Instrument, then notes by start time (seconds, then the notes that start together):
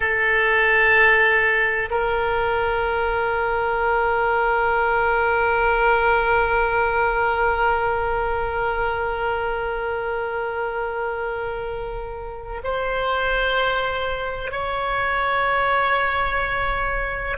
oboe
0.00 A4
1.90 A#4
12.63 C5
14.51 C#5